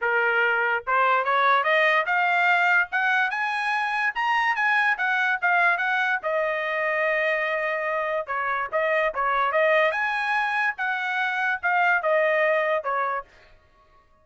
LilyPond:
\new Staff \with { instrumentName = "trumpet" } { \time 4/4 \tempo 4 = 145 ais'2 c''4 cis''4 | dis''4 f''2 fis''4 | gis''2 ais''4 gis''4 | fis''4 f''4 fis''4 dis''4~ |
dis''1 | cis''4 dis''4 cis''4 dis''4 | gis''2 fis''2 | f''4 dis''2 cis''4 | }